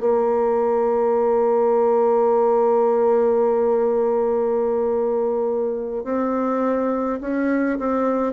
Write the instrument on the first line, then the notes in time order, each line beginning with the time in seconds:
bassoon
0.00 A#3
6.04 C4
7.21 C#4
7.79 C4